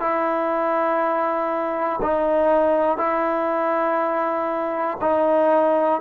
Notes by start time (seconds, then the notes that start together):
0.00 E4
2.02 D#4
2.98 E4
5.01 D#4